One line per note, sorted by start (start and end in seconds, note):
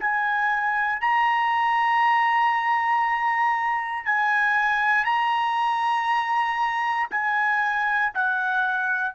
0.00 1.01 G#5
1.01 4.05 A#5
4.05 5.05 G#5
5.05 7.08 A#5
7.11 8.13 G#5
8.14 9.15 F#5